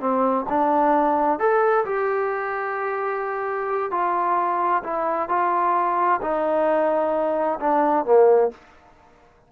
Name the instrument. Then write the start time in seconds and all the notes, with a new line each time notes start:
trombone
0.00 C4
0.49 D4
1.39 A4
1.85 G4
3.91 F4
4.84 E4
5.29 F4
6.22 D#4
7.60 D4
8.05 A#3